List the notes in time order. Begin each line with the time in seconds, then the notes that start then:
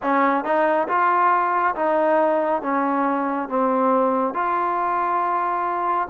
0.02 C#4
0.44 D#4
0.87 F4
1.75 D#4
2.62 C#4
3.48 C4
4.34 F4